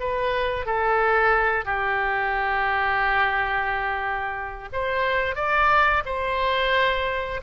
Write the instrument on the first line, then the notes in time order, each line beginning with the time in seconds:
oboe
0.00 B4
0.66 A4
1.65 G4
4.73 C5
5.36 D5
6.06 C5